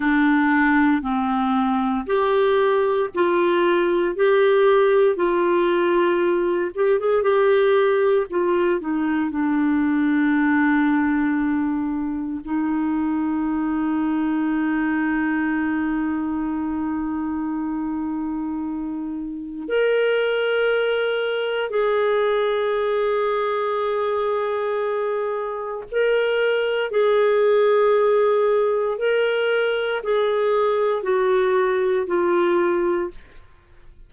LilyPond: \new Staff \with { instrumentName = "clarinet" } { \time 4/4 \tempo 4 = 58 d'4 c'4 g'4 f'4 | g'4 f'4. g'16 gis'16 g'4 | f'8 dis'8 d'2. | dis'1~ |
dis'2. ais'4~ | ais'4 gis'2.~ | gis'4 ais'4 gis'2 | ais'4 gis'4 fis'4 f'4 | }